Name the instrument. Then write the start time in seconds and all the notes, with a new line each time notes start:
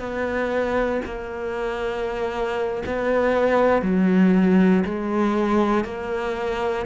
cello
0.00 B3
1.06 A#3
2.87 B3
3.83 F#3
4.85 G#3
5.85 A#3